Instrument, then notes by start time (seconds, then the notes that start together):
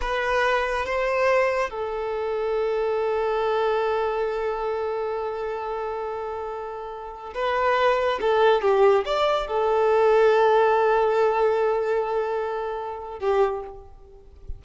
violin
0.01 B4
0.85 C5
1.69 A4
7.34 B4
8.20 A4
8.61 G4
9.05 D5
9.47 A4
13.19 G4